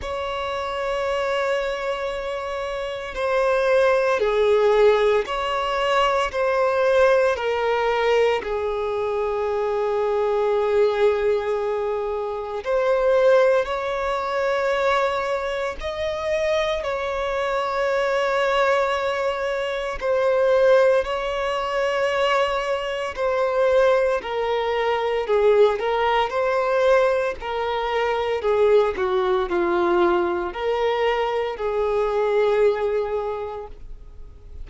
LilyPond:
\new Staff \with { instrumentName = "violin" } { \time 4/4 \tempo 4 = 57 cis''2. c''4 | gis'4 cis''4 c''4 ais'4 | gis'1 | c''4 cis''2 dis''4 |
cis''2. c''4 | cis''2 c''4 ais'4 | gis'8 ais'8 c''4 ais'4 gis'8 fis'8 | f'4 ais'4 gis'2 | }